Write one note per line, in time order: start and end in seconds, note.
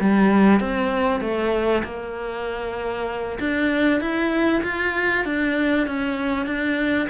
0.00 0.60 G3
0.60 1.21 C4
1.21 1.83 A3
1.84 3.39 A#3
3.40 4.01 D4
4.01 4.63 E4
4.64 5.25 F4
5.25 5.87 D4
5.87 6.46 C#4
6.46 7.08 D4